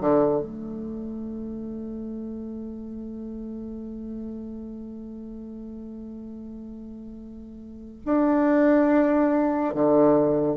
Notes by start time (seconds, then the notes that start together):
0.00 D3
0.40 A3
8.05 D4
9.74 D3